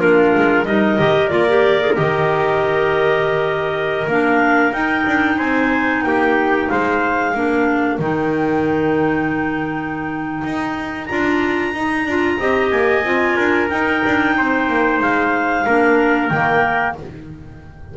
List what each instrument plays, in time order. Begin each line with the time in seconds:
0.00 double bass A#3, clarinet D4 A#4, trumpet F4
0.37 double bass G#3
0.66 double bass G3, clarinet D#4 D#5, trumpet A#4
0.99 double bass D#3, clarinet G4
1.29 double bass A#3, clarinet F4 D5
1.49 clarinet G4
1.82 clarinet G#4
1.95 double bass D#3, clarinet G4 D#5
4.08 double bass A#3, clarinet D4 F5
4.73 clarinet D#4 G5, double bass D#4
5.07 double bass D4
5.38 double bass C4, trumpet C5, clarinet G#5
6.03 double bass A#3, trumpet G4, clarinet G5
6.69 double bass G#3, trumpet C5, clarinet F5
7.34 double bass A#3, clarinet D4, trumpet A#4
7.98 double bass D#3, clarinet D#4 G5
10.44 double bass D#4
11.06 double bass D4, clarinet F4 A#5
11.74 double bass D#4, clarinet D#4
12.06 double bass D4, clarinet F4
12.40 double bass C4, clarinet G4, trumpet D#5
12.71 double bass A#3, clarinet G#5
13.04 double bass C4, clarinet F4
13.37 double bass D4, trumpet A#4
13.70 clarinet D#4 G5, double bass D#4
14.06 double bass D4
14.38 double bass C4, trumpet C5
14.69 double bass A#3
15.01 double bass G#3, clarinet F5
15.66 double bass A#3, clarinet D4, trumpet A#4
16.29 double bass D#3, clarinet A#3 G5